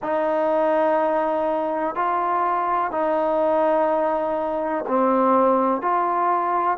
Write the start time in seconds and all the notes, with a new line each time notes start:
0.02 D#4
1.95 F4
2.91 D#4
4.87 C4
5.81 F4